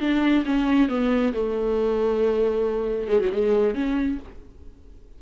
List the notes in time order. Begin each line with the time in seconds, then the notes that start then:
0.00 D4
0.46 C#4
0.89 B3
1.33 A3
3.08 G#3
3.20 F#3
3.32 G#3
3.74 C#4